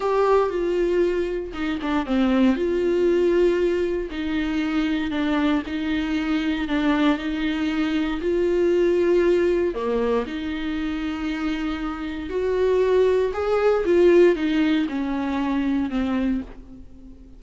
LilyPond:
\new Staff \with { instrumentName = "viola" } { \time 4/4 \tempo 4 = 117 g'4 f'2 dis'8 d'8 | c'4 f'2. | dis'2 d'4 dis'4~ | dis'4 d'4 dis'2 |
f'2. ais4 | dis'1 | fis'2 gis'4 f'4 | dis'4 cis'2 c'4 | }